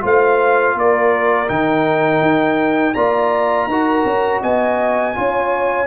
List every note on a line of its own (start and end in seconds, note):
0.00 0.75 A3
0.00 1.46 F4
0.00 0.75 C5
0.00 0.78 F5
0.75 1.48 A#3
0.75 2.95 A#4
0.75 1.48 D5
1.47 2.21 D#3
1.47 2.93 D#4
1.47 2.94 G5
2.21 2.94 D#4
2.94 3.66 A#3
2.94 3.69 F4
2.94 3.68 D5
2.94 4.40 A#5
3.66 4.03 D#4
3.66 5.14 F#4
3.66 4.41 A#4
4.04 4.41 C#4
4.41 5.16 B3
4.41 5.14 D#5
4.41 5.86 G#5
5.14 5.86 C#4
5.14 5.86 F4
5.14 5.86 C#5